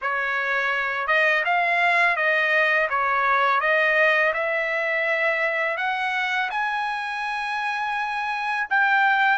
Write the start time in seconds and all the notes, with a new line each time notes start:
0.01 C#5
1.07 D#5
1.45 F5
2.16 D#5
2.89 C#5
3.60 D#5
4.33 E5
5.77 F#5
6.50 G#5
8.70 G5